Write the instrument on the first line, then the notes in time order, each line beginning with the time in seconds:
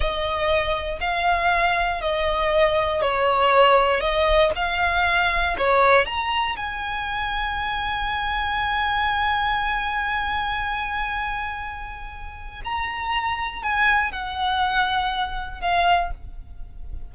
violin
0.00 D#5
1.00 F5
2.01 D#5
3.01 C#5
4.00 D#5
4.55 F5
5.58 C#5
6.05 A#5
6.56 G#5
12.64 A#5
13.62 G#5
14.12 F#5
15.61 F5